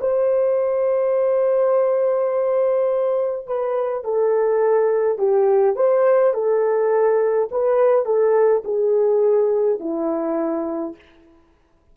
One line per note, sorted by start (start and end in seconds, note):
0.00 3.46 C5
3.47 4.04 B4
4.04 5.18 A4
5.18 5.76 G4
5.76 6.34 C5
6.34 7.49 A4
7.52 8.05 B4
8.05 8.63 A4
8.65 9.80 G#4
9.80 10.95 E4